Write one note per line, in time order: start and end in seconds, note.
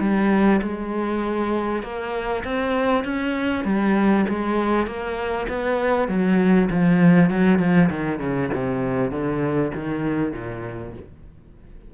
0.00 0.61 G3
0.62 1.83 G#3
1.83 2.43 A#3
2.44 3.04 C4
3.04 3.65 C#4
3.65 4.25 G3
4.29 4.87 G#3
4.87 5.47 A#3
5.48 6.08 B3
6.08 6.69 F#3
6.71 7.30 F3
7.30 7.59 F#3
7.59 7.89 F3
7.90 8.20 D#3
8.20 8.50 C#3
8.54 9.11 C3
9.11 9.72 D3
9.75 10.33 D#3
10.33 10.93 A#2